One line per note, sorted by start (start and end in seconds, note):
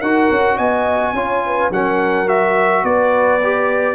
0.00 0.30 D#4
0.00 1.16 F#4
0.00 0.56 A#4
0.00 0.58 F#5
0.31 0.59 C#4
0.56 1.13 B3
0.56 1.13 D#5
0.56 1.72 G#5
1.13 1.70 C#4
1.13 1.73 F4
1.13 1.43 C#5
1.46 1.73 B4
1.71 2.84 F#3
1.71 2.28 C#4
1.71 2.85 A#4
1.71 2.29 F#5
2.28 3.41 F#4
2.28 2.85 E5
2.84 3.95 B3
2.84 3.95 B4
2.84 3.95 D5
3.43 3.95 G4